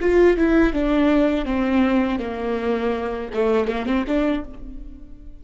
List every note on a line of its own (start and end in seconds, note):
0.00 0.37 F4
0.37 0.73 E4
0.73 1.45 D4
1.45 2.19 C4
2.19 3.30 A#3
3.33 3.67 A3
3.67 3.86 A#3
3.86 4.04 C4
4.07 4.44 D4